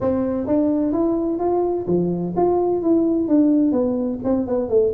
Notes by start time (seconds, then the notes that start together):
0.00 C4
0.47 D4
0.92 E4
1.39 F4
1.87 F3
2.36 F4
2.82 E4
3.28 D4
3.72 B3
4.24 C4
4.47 B3
4.69 A3